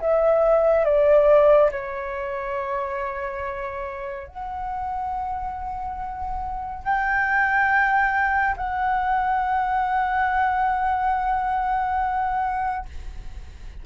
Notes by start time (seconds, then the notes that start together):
0.00 E5
0.85 D5
1.71 C#5
4.27 F#5
6.84 G5
8.56 F#5